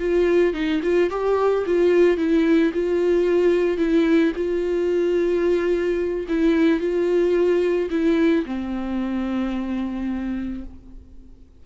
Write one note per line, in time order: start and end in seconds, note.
0.00 0.54 F4
0.54 0.81 D#4
0.83 1.10 F4
1.11 1.65 G4
1.67 2.18 F4
2.18 2.72 E4
2.74 3.78 F4
3.78 4.33 E4
4.36 6.27 F4
6.29 6.81 E4
6.81 7.90 F4
7.91 8.45 E4
8.46 10.64 C4